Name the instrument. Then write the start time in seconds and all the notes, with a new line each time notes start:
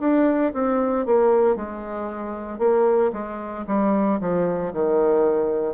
bassoon
0.00 D4
0.54 C4
1.06 A#3
1.56 G#3
2.59 A#3
3.13 G#3
3.67 G3
4.21 F3
4.73 D#3